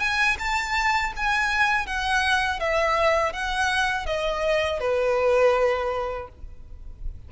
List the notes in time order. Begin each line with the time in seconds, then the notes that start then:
0.00 G#5
0.39 A5
1.17 G#5
1.87 F#5
2.60 E5
3.33 F#5
4.07 D#5
4.81 B4